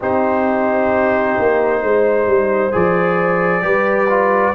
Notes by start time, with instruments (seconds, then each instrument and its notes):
0.00 tuba C4, trombone D#4, horn G4, trumpet C5
1.38 tuba A#3
1.82 tuba G#3, horn C5
2.26 tuba G3
2.71 tuba F3, trombone G#4, trumpet D5
3.61 tuba G3, trombone G4, horn B4
4.09 trombone F4